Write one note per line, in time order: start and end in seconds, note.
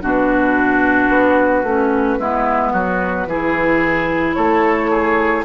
0.00 1.08 B2
0.00 1.64 D4
0.00 2.18 F#4
0.00 4.34 B4
1.08 1.62 B3
1.62 2.17 A3
1.62 2.19 C#4
2.18 2.72 G#3
2.18 3.28 B3
2.18 2.72 E4
2.72 3.26 F#3
2.72 3.27 F#4
3.26 4.35 E3
3.26 5.45 E4
3.26 4.36 G#4
4.34 5.45 A3
4.34 4.90 A4
4.34 5.43 C#5
4.90 5.45 G#4